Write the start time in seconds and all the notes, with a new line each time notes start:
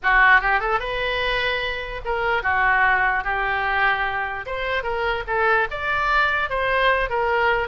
0.02 F#4
0.40 G4
0.60 A4
0.79 B4
2.04 A#4
2.43 F#4
3.24 G4
4.46 C5
4.83 A#4
5.27 A4
5.70 D5
6.49 C5
7.09 A#4